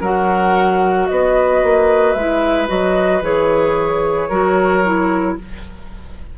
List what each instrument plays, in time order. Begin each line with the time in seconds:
0.00 bassoon F#3, clarinet F#4, oboe A#4, flute F#5
1.06 bassoon B3, oboe B4, flute D#5
1.63 bassoon A#3
2.13 bassoon G#3, clarinet E4, flute E5
2.67 bassoon F#3, clarinet F#4, flute D#5
3.21 bassoon E3, clarinet G#4, flute C#5
4.29 bassoon F#3, clarinet F#4, oboe A#4
4.84 clarinet E4